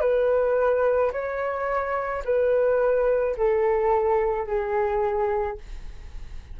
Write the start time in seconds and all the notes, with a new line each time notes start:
0.00 B4
1.12 C#5
2.24 B4
3.36 A4
4.46 G#4